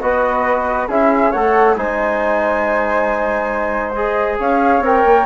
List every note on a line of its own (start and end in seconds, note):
0.00 0.88 B3
0.00 0.89 F#4
0.00 0.88 B4
0.00 0.88 D#5
0.88 1.32 C#4
0.88 1.33 E4
0.88 1.31 G#4
0.88 1.32 E5
1.31 1.76 A3
1.31 1.76 A4
1.31 1.75 C#5
1.31 1.76 F#5
1.76 4.39 G#3
1.76 3.95 D#4
1.76 4.39 C5
1.76 3.92 G#5
3.92 4.82 G#4
3.92 4.36 D#5
4.39 4.80 C#4
4.39 5.25 C#5
4.39 4.84 F5
4.80 5.02 C4
4.80 5.25 A#4
4.80 5.25 G5
5.05 5.25 A#3